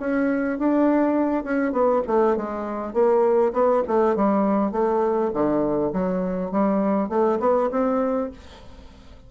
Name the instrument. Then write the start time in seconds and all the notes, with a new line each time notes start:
bassoon
0.00 C#4
0.59 D4
1.44 C#4
1.73 B3
2.07 A3
2.37 G#3
2.94 A#3
3.53 B3
3.88 A3
4.16 G3
4.72 A3
5.34 D3
5.93 F#3
6.52 G3
7.09 A3
7.40 B3
7.71 C4